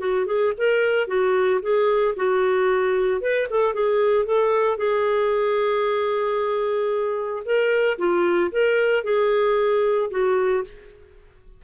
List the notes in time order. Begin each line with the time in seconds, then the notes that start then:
0.00 F#4
0.27 G#4
0.58 A#4
1.08 F#4
1.62 G#4
2.17 F#4
3.21 B4
3.51 A4
3.74 G#4
4.26 A4
4.78 G#4
7.45 A#4
7.98 F4
8.52 A#4
9.04 G#4
10.11 F#4